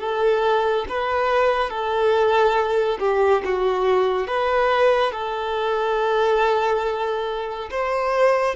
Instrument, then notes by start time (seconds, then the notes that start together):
violin
0.00 A4
0.89 B4
1.70 A4
3.00 G4
3.45 F#4
4.27 B4
5.12 A4
7.71 C5